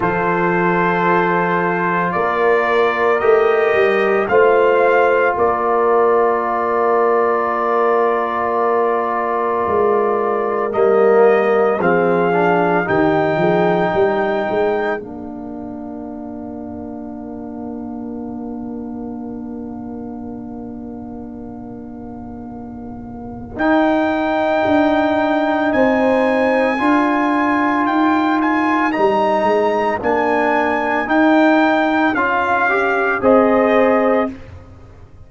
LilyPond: <<
  \new Staff \with { instrumentName = "trumpet" } { \time 4/4 \tempo 4 = 56 c''2 d''4 dis''4 | f''4 d''2.~ | d''2 dis''4 f''4 | g''2 f''2~ |
f''1~ | f''2 g''2 | gis''2 g''8 gis''8 ais''4 | gis''4 g''4 f''4 dis''4 | }
  \new Staff \with { instrumentName = "horn" } { \time 4/4 a'2 ais'2 | c''4 ais'2.~ | ais'2. gis'4 | g'8 gis'8 ais'2.~ |
ais'1~ | ais'1 | c''4 ais'2.~ | ais'2. c''4 | }
  \new Staff \with { instrumentName = "trombone" } { \time 4/4 f'2. g'4 | f'1~ | f'2 ais4 c'8 d'8 | dis'2 d'2~ |
d'1~ | d'2 dis'2~ | dis'4 f'2 dis'4 | d'4 dis'4 f'8 g'8 gis'4 | }
  \new Staff \with { instrumentName = "tuba" } { \time 4/4 f2 ais4 a8 g8 | a4 ais2.~ | ais4 gis4 g4 f4 | dis8 f8 g8 gis8 ais2~ |
ais1~ | ais2 dis'4 d'4 | c'4 d'4 dis'4 g8 gis8 | ais4 dis'4 cis'4 c'4 | }
>>